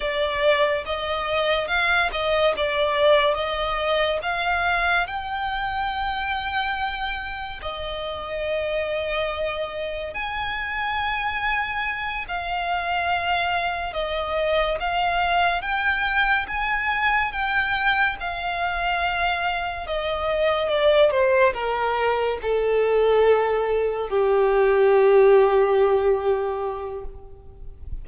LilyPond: \new Staff \with { instrumentName = "violin" } { \time 4/4 \tempo 4 = 71 d''4 dis''4 f''8 dis''8 d''4 | dis''4 f''4 g''2~ | g''4 dis''2. | gis''2~ gis''8 f''4.~ |
f''8 dis''4 f''4 g''4 gis''8~ | gis''8 g''4 f''2 dis''8~ | dis''8 d''8 c''8 ais'4 a'4.~ | a'8 g'2.~ g'8 | }